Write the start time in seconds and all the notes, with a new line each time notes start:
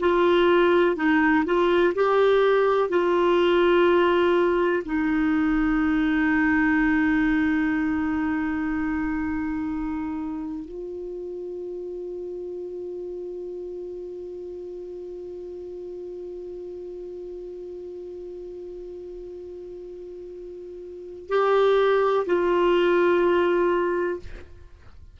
0.00 F4
0.96 D#4
1.45 F4
1.95 G4
2.89 F4
4.86 D#4
10.65 F4
21.29 G4
22.26 F4